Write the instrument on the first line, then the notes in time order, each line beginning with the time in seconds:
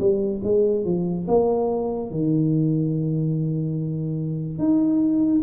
tuba
0.00 G3
0.44 G#3
0.85 F3
1.28 A#3
2.11 D#3
4.59 D#4